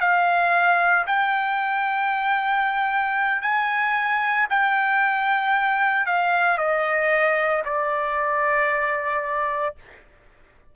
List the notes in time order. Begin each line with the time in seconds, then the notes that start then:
0.00 F5
1.07 G5
3.42 G#5
4.50 G5
6.06 F5
6.58 D#5
7.65 D5